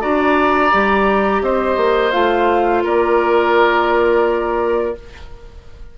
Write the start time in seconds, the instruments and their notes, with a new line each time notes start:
0.00 bassoon D4, clarinet F#4, oboe D5, flute A#5
0.71 bassoon G3, clarinet G4
1.41 bassoon C4, oboe C5, flute D#5
1.76 bassoon A#3
2.11 bassoon A3, clarinet F4, flute F5
2.83 bassoon A#3, oboe A#4, flute D5